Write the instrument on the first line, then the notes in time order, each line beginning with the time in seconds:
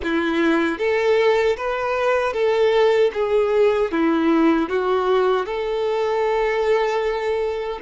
violin
0.03 E4
0.78 A4
1.56 B4
2.33 A4
3.13 G#4
3.91 E4
4.69 F#4
5.45 A4